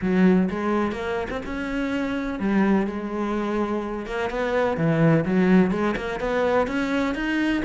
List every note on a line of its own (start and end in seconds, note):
0.01 0.49 F#3
0.50 0.92 G#3
0.92 1.27 A#3
1.29 1.41 C4
1.45 2.39 C#4
2.39 2.86 G3
2.86 4.05 G#3
4.06 4.30 A#3
4.30 4.77 B3
4.77 5.24 E3
5.25 5.71 F#3
5.71 5.95 G#3
5.96 6.19 A#3
6.19 6.67 B3
6.67 7.14 C#4
7.15 7.62 D#4